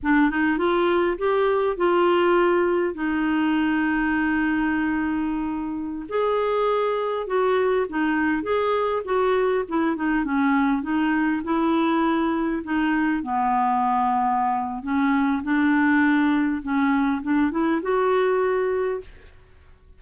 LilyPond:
\new Staff \with { instrumentName = "clarinet" } { \time 4/4 \tempo 4 = 101 d'8 dis'8 f'4 g'4 f'4~ | f'4 dis'2.~ | dis'2~ dis'16 gis'4.~ gis'16~ | gis'16 fis'4 dis'4 gis'4 fis'8.~ |
fis'16 e'8 dis'8 cis'4 dis'4 e'8.~ | e'4~ e'16 dis'4 b4.~ b16~ | b4 cis'4 d'2 | cis'4 d'8 e'8 fis'2 | }